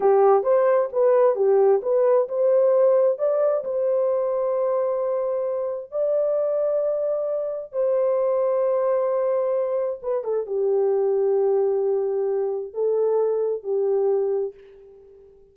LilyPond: \new Staff \with { instrumentName = "horn" } { \time 4/4 \tempo 4 = 132 g'4 c''4 b'4 g'4 | b'4 c''2 d''4 | c''1~ | c''4 d''2.~ |
d''4 c''2.~ | c''2 b'8 a'8 g'4~ | g'1 | a'2 g'2 | }